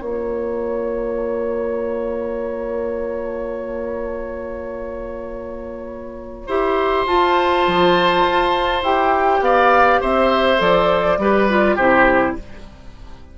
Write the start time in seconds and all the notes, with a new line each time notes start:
0.00 A#3 F4 C#5 A#5
6.47 E4 G4 C5
7.07 F4 A5
7.67 F3
8.27 F4
8.83 E4 G4 G5
9.41 B3 D5 F5
10.01 C4 C5 E5
10.58 F3 A4 D5
11.18 G3 G4 B4
11.50 F4
11.76 C3 E4 G4 C5